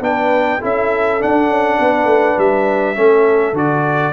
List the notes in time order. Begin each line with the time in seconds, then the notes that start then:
0.00 B3 D4 B4 G5
0.61 C#4 E4 A4 E5
1.19 D4 F#5
1.49 C#4
1.77 B3 B4
2.04 A3
2.38 G3 E5
2.95 A3 C#4 A4
3.53 D3 F#4 D5